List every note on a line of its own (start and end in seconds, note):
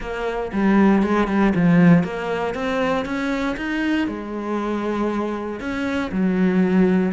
0.00 0.51 A#3
0.52 1.03 G3
1.03 1.27 G#3
1.27 1.53 G3
1.55 2.03 F3
2.03 2.54 A#3
2.54 3.05 C4
3.05 3.56 C#4
3.56 4.07 D#4
4.07 5.60 G#3
5.60 6.10 C#4
6.11 7.12 F#3